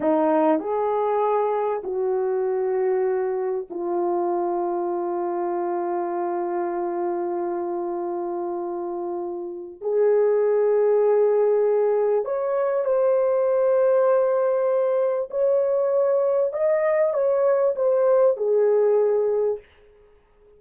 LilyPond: \new Staff \with { instrumentName = "horn" } { \time 4/4 \tempo 4 = 98 dis'4 gis'2 fis'4~ | fis'2 f'2~ | f'1~ | f'1 |
gis'1 | cis''4 c''2.~ | c''4 cis''2 dis''4 | cis''4 c''4 gis'2 | }